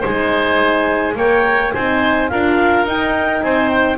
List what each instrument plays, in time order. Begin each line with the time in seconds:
0.00 double bass G#3, horn D#4, oboe C5, clarinet G#5
1.15 double bass A#3, horn A#4, oboe C#5, clarinet G5
1.72 double bass C4, horn D#4, oboe C5, clarinet G#5
2.29 double bass D4, horn F4, oboe A#4, clarinet F5
2.85 double bass D#4, horn D#4, clarinet G5
3.42 double bass C4, oboe C5, clarinet G#5
3.68 clarinet G5